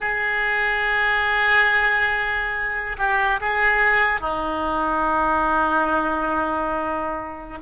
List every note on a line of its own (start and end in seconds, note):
0.00 2.96 G#4
2.98 3.40 G4
3.40 4.20 G#4
4.20 7.58 D#4